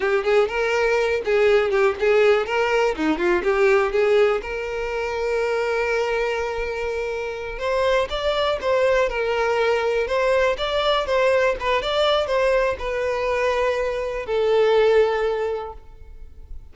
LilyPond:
\new Staff \with { instrumentName = "violin" } { \time 4/4 \tempo 4 = 122 g'8 gis'8 ais'4. gis'4 g'8 | gis'4 ais'4 dis'8 f'8 g'4 | gis'4 ais'2.~ | ais'2.~ ais'8 c''8~ |
c''8 d''4 c''4 ais'4.~ | ais'8 c''4 d''4 c''4 b'8 | d''4 c''4 b'2~ | b'4 a'2. | }